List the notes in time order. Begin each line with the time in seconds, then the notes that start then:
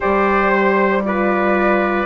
0.00 G3 G4 C5 D5
0.50 C5
1.04 F4 B4 D5